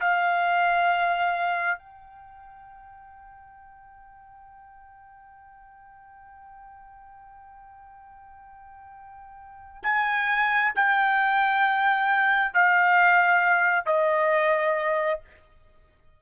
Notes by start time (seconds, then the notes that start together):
0.00 F5
1.78 G5
9.83 G#5
10.75 G5
12.53 F5
13.86 D#5